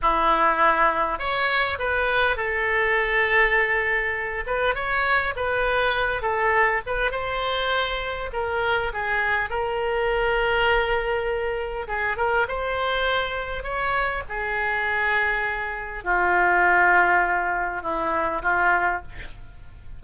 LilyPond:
\new Staff \with { instrumentName = "oboe" } { \time 4/4 \tempo 4 = 101 e'2 cis''4 b'4 | a'2.~ a'8 b'8 | cis''4 b'4. a'4 b'8 | c''2 ais'4 gis'4 |
ais'1 | gis'8 ais'8 c''2 cis''4 | gis'2. f'4~ | f'2 e'4 f'4 | }